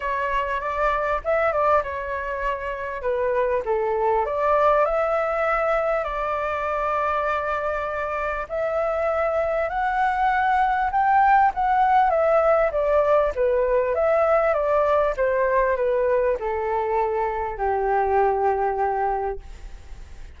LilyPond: \new Staff \with { instrumentName = "flute" } { \time 4/4 \tempo 4 = 99 cis''4 d''4 e''8 d''8 cis''4~ | cis''4 b'4 a'4 d''4 | e''2 d''2~ | d''2 e''2 |
fis''2 g''4 fis''4 | e''4 d''4 b'4 e''4 | d''4 c''4 b'4 a'4~ | a'4 g'2. | }